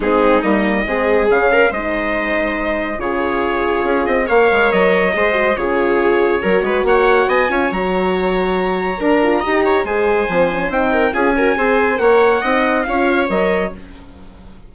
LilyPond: <<
  \new Staff \with { instrumentName = "trumpet" } { \time 4/4 \tempo 4 = 140 gis'4 dis''2 f''4 | dis''2. cis''4~ | cis''4. dis''8 f''4 dis''4~ | dis''4 cis''2. |
fis''4 gis''4 ais''2~ | ais''2. gis''4~ | gis''4 g''4 gis''2 | fis''2 f''4 dis''4 | }
  \new Staff \with { instrumentName = "viola" } { \time 4/4 dis'2 gis'4. ais'8 | c''2. gis'4~ | gis'2 cis''2 | c''4 gis'2 ais'8 b'8 |
cis''4 dis''8 cis''2~ cis''8~ | cis''4 ais'4 dis''8 cis''8 c''4~ | c''4. ais'8 gis'8 ais'8 c''4 | cis''4 dis''4 cis''2 | }
  \new Staff \with { instrumentName = "horn" } { \time 4/4 c'4 ais4 c'4 cis'4 | dis'2. f'4~ | f'2 ais'2 | gis'8 fis'8 f'2 fis'4~ |
fis'4. f'8 fis'2~ | fis'4 ais'8 f'8 g'4 gis'4 | c'8 cis'8 dis'4 f'8 fis'8 gis'4 | ais'4 dis'4 f'4 ais'4 | }
  \new Staff \with { instrumentName = "bassoon" } { \time 4/4 gis4 g4 gis4 cis4 | gis2. cis4~ | cis4 cis'8 c'8 ais8 gis8 fis4 | gis4 cis2 fis8 gis8 |
ais4 b8 cis'8 fis2~ | fis4 d'4 dis'4 gis4 | f4 c'4 cis'4 c'4 | ais4 c'4 cis'4 fis4 | }
>>